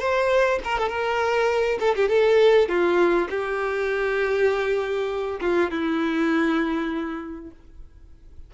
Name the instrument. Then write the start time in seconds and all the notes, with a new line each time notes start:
violin
0.00 C5
0.65 A#4
0.79 A4
0.89 A#4
1.80 A4
1.96 G4
2.09 A4
2.69 F4
3.30 G4
5.41 F4
5.71 E4